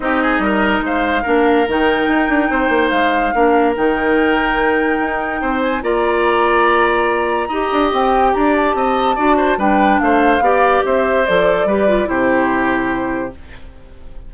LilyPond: <<
  \new Staff \with { instrumentName = "flute" } { \time 4/4 \tempo 4 = 144 dis''2 f''2 | g''2. f''4~ | f''4 g''2.~ | g''4. gis''8 ais''2~ |
ais''2. g''4 | ais''8 a''2~ a''8 g''4 | f''2 e''4 d''4~ | d''4 c''2. | }
  \new Staff \with { instrumentName = "oboe" } { \time 4/4 g'8 gis'8 ais'4 c''4 ais'4~ | ais'2 c''2 | ais'1~ | ais'4 c''4 d''2~ |
d''2 dis''2 | d''4 dis''4 d''8 c''8 b'4 | c''4 d''4 c''2 | b'4 g'2. | }
  \new Staff \with { instrumentName = "clarinet" } { \time 4/4 dis'2. d'4 | dis'1 | d'4 dis'2.~ | dis'2 f'2~ |
f'2 g'2~ | g'2 fis'4 d'4~ | d'4 g'2 a'4 | g'8 f'8 e'2. | }
  \new Staff \with { instrumentName = "bassoon" } { \time 4/4 c'4 g4 gis4 ais4 | dis4 dis'8 d'8 c'8 ais8 gis4 | ais4 dis2. | dis'4 c'4 ais2~ |
ais2 dis'8 d'8 c'4 | d'4 c'4 d'4 g4 | a4 b4 c'4 f4 | g4 c2. | }
>>